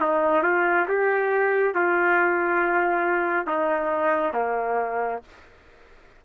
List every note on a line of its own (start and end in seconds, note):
0.00 0.43 D#4
0.43 0.86 F4
0.88 1.74 G4
1.74 3.47 F4
3.47 4.33 D#4
4.33 5.20 A#3